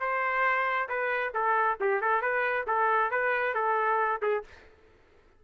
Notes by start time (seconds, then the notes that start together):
0.00 C5
0.89 B4
1.34 A4
1.80 G4
2.01 A4
2.22 B4
2.67 A4
3.11 B4
3.55 A4
4.22 G#4